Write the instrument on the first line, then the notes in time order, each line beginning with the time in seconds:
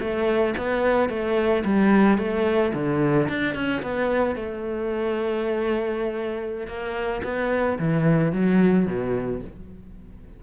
cello
0.00 A3
0.58 B3
1.09 A3
1.65 G3
2.18 A3
2.74 D3
3.29 D4
3.55 C#4
3.83 B3
4.36 A3
6.67 A#3
7.24 B3
7.79 E3
8.32 F#3
8.87 B2